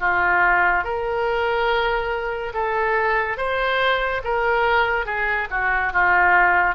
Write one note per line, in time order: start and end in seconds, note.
0.00 0.84 F4
0.84 2.53 A#4
2.54 3.37 A4
3.37 4.22 C5
4.24 5.06 A#4
5.06 5.48 G#4
5.51 5.93 F#4
5.93 6.75 F4